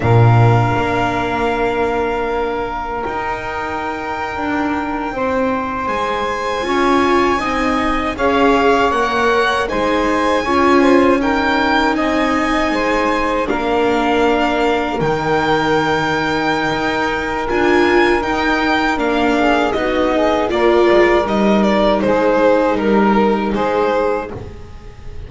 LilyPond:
<<
  \new Staff \with { instrumentName = "violin" } { \time 4/4 \tempo 4 = 79 f''1 | g''2.~ g''8. gis''16~ | gis''2~ gis''8. f''4 fis''16~ | fis''8. gis''2 g''4 gis''16~ |
gis''4.~ gis''16 f''2 g''16~ | g''2. gis''4 | g''4 f''4 dis''4 d''4 | dis''8 d''8 c''4 ais'4 c''4 | }
  \new Staff \with { instrumentName = "saxophone" } { \time 4/4 ais'1~ | ais'2~ ais'8. c''4~ c''16~ | c''8. cis''4 dis''4 cis''4~ cis''16~ | cis''8. c''4 cis''8 c''8 ais'4 dis''16~ |
dis''8. c''4 ais'2~ ais'16~ | ais'1~ | ais'4. gis'8 fis'8 gis'8 ais'4~ | ais'4 gis'4 ais'4 gis'4 | }
  \new Staff \with { instrumentName = "viola" } { \time 4/4 d'1 | dis'1~ | dis'8. f'4 dis'4 gis'4 ais'16~ | ais'8. dis'4 f'4 dis'4~ dis'16~ |
dis'4.~ dis'16 d'2 dis'16~ | dis'2. f'4 | dis'4 d'4 dis'4 f'4 | dis'1 | }
  \new Staff \with { instrumentName = "double bass" } { \time 4/4 ais,4 ais2. | dis'4.~ dis'16 d'4 c'4 gis16~ | gis8. cis'4 c'4 cis'4 ais16~ | ais8. gis4 cis'2 c'16~ |
c'8. gis4 ais2 dis16~ | dis2 dis'4 d'4 | dis'4 ais4 b4 ais8 gis8 | g4 gis4 g4 gis4 | }
>>